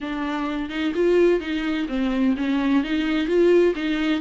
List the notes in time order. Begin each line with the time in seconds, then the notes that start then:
0.00 D4
0.69 D#4
0.95 F4
1.40 D#4
1.88 C4
2.37 C#4
2.83 D#4
3.27 F4
3.75 D#4